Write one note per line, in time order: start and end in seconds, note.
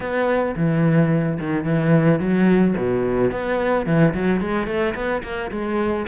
0.00 0.54 B3
0.56 1.38 E3
1.39 1.64 D#3
1.64 2.19 E3
2.19 2.74 F#3
2.77 3.31 B2
3.31 3.86 B3
3.86 4.13 E3
4.14 4.40 F#3
4.40 4.66 G#3
4.66 4.94 A3
4.94 5.22 B3
5.23 5.50 A#3
5.51 6.06 G#3